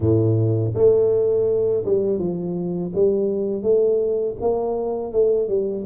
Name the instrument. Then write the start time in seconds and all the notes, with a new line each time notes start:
tuba
0.00 A2
0.74 A3
1.85 G3
2.19 F3
2.95 G3
3.62 A3
4.41 A#3
5.12 A3
5.48 G3